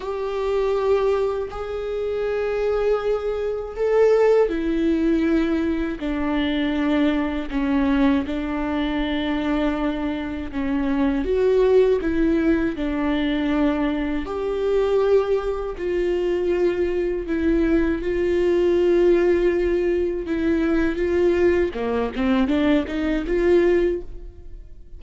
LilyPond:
\new Staff \with { instrumentName = "viola" } { \time 4/4 \tempo 4 = 80 g'2 gis'2~ | gis'4 a'4 e'2 | d'2 cis'4 d'4~ | d'2 cis'4 fis'4 |
e'4 d'2 g'4~ | g'4 f'2 e'4 | f'2. e'4 | f'4 ais8 c'8 d'8 dis'8 f'4 | }